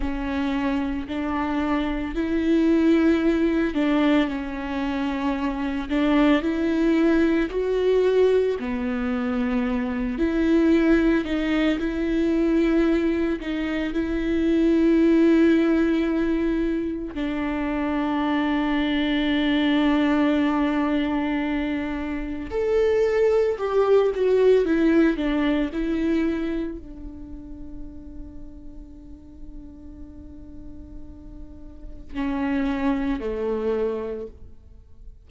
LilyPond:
\new Staff \with { instrumentName = "viola" } { \time 4/4 \tempo 4 = 56 cis'4 d'4 e'4. d'8 | cis'4. d'8 e'4 fis'4 | b4. e'4 dis'8 e'4~ | e'8 dis'8 e'2. |
d'1~ | d'4 a'4 g'8 fis'8 e'8 d'8 | e'4 d'2.~ | d'2 cis'4 a4 | }